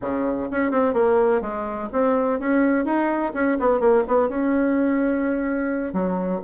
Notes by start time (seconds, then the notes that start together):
0.01 C#3
0.50 C#4
0.71 C4
0.93 A#3
1.41 G#3
1.92 C4
2.39 C#4
2.85 D#4
3.33 C#4
3.59 B3
3.80 A#3
4.07 B3
4.28 C#4
5.93 F#3